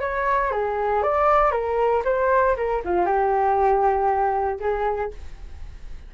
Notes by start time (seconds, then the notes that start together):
0.00 C#5
0.51 G#4
1.02 D5
1.51 A#4
2.04 C5
2.56 A#4
2.84 F4
3.05 G4
4.59 G#4